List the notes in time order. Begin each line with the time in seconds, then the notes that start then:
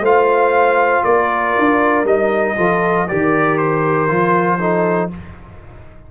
0.00 A3 F4 C5 F5
1.04 A#3 A#4 D5
1.58 D4
2.04 G3 D#4 D#5
2.57 F3 F4 A4
3.08 D#3 G4 A#4 D5
3.58 C5
4.08 F3 F4
4.60 D#4 A4